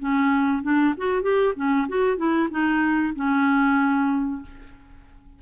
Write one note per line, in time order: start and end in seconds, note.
0.00 0.63 C#4
0.63 0.95 D4
0.98 1.23 F#4
1.23 1.54 G4
1.56 1.88 C#4
1.89 2.17 F#4
2.17 2.49 E4
2.51 3.14 D#4
3.16 4.42 C#4